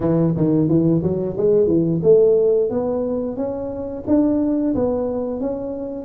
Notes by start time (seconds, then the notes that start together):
0.00 E3
0.36 D#3
0.68 E3
1.02 F#3
1.37 G#3
1.67 E3
2.02 A3
2.70 B3
3.36 C#4
4.07 D4
4.74 B3
5.40 C#4